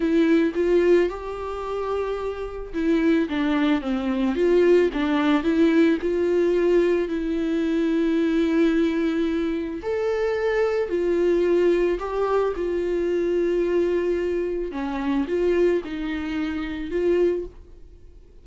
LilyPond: \new Staff \with { instrumentName = "viola" } { \time 4/4 \tempo 4 = 110 e'4 f'4 g'2~ | g'4 e'4 d'4 c'4 | f'4 d'4 e'4 f'4~ | f'4 e'2.~ |
e'2 a'2 | f'2 g'4 f'4~ | f'2. cis'4 | f'4 dis'2 f'4 | }